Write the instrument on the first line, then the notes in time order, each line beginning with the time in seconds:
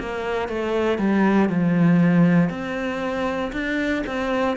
cello
0.00 A#3
0.49 A3
0.99 G3
1.49 F3
2.50 C4
3.53 D4
4.07 C4